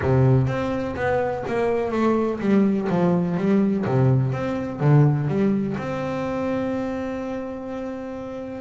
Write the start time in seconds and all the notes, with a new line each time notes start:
0.02 C3
0.47 C4
0.95 B3
1.47 A#3
1.91 A3
2.40 G3
2.89 F3
3.37 G3
3.85 C3
4.32 C4
4.80 D3
5.28 G3
5.77 C4